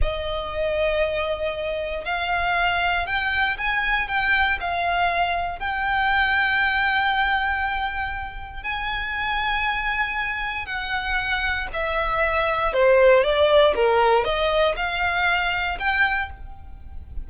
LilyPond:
\new Staff \with { instrumentName = "violin" } { \time 4/4 \tempo 4 = 118 dis''1 | f''2 g''4 gis''4 | g''4 f''2 g''4~ | g''1~ |
g''4 gis''2.~ | gis''4 fis''2 e''4~ | e''4 c''4 d''4 ais'4 | dis''4 f''2 g''4 | }